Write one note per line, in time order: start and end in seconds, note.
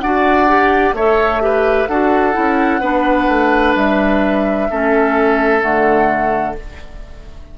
0.00 0.93 D4
0.00 0.47 F#4
0.00 0.95 D5
0.00 0.94 F#5
0.47 0.94 G4
0.93 1.87 A3
0.93 1.40 A4
0.93 1.42 C#5
0.93 1.87 E5
1.40 1.87 G4
1.40 1.89 B4
1.87 2.35 D4
1.87 2.33 F#4
1.87 2.80 A4
1.87 3.74 F#5
2.33 2.80 C#4
2.33 2.79 E4
2.80 3.27 B3
2.80 4.70 D4
2.80 4.68 B4
3.28 3.75 A3
3.75 4.69 G3
3.75 5.61 E5
4.70 5.63 A3
4.70 5.61 C#4
4.70 6.58 A4
5.61 6.56 D3
5.61 6.54 A3
5.61 6.55 F#5